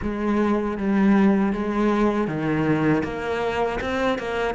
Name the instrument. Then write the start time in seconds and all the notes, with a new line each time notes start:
cello
0.01 G#3
0.77 G3
1.52 G#3
2.27 D#3
3.03 A#3
3.80 C4
4.18 A#3